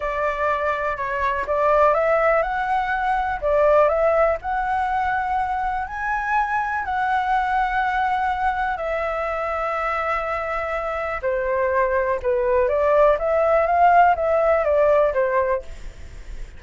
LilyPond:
\new Staff \with { instrumentName = "flute" } { \time 4/4 \tempo 4 = 123 d''2 cis''4 d''4 | e''4 fis''2 d''4 | e''4 fis''2. | gis''2 fis''2~ |
fis''2 e''2~ | e''2. c''4~ | c''4 b'4 d''4 e''4 | f''4 e''4 d''4 c''4 | }